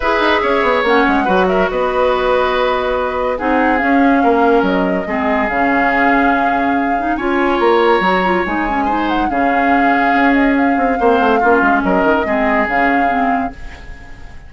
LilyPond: <<
  \new Staff \with { instrumentName = "flute" } { \time 4/4 \tempo 4 = 142 e''2 fis''4. e''8 | dis''1 | fis''4 f''2 dis''4~ | dis''4 f''2.~ |
f''4 gis''4 ais''2 | gis''4. fis''8 f''2~ | f''8 dis''8 f''2. | dis''2 f''2 | }
  \new Staff \with { instrumentName = "oboe" } { \time 4/4 b'4 cis''2 b'8 ais'8 | b'1 | gis'2 ais'2 | gis'1~ |
gis'4 cis''2.~ | cis''4 c''4 gis'2~ | gis'2 c''4 f'4 | ais'4 gis'2. | }
  \new Staff \with { instrumentName = "clarinet" } { \time 4/4 gis'2 cis'4 fis'4~ | fis'1 | dis'4 cis'2. | c'4 cis'2.~ |
cis'8 dis'8 f'2 fis'8 f'8 | dis'8 cis'8 dis'4 cis'2~ | cis'2 c'4 cis'4~ | cis'4 c'4 cis'4 c'4 | }
  \new Staff \with { instrumentName = "bassoon" } { \time 4/4 e'8 dis'8 cis'8 b8 ais8 gis8 fis4 | b1 | c'4 cis'4 ais4 fis4 | gis4 cis2.~ |
cis4 cis'4 ais4 fis4 | gis2 cis2 | cis'4. c'8 ais8 a8 ais8 gis8 | fis8 dis8 gis4 cis2 | }
>>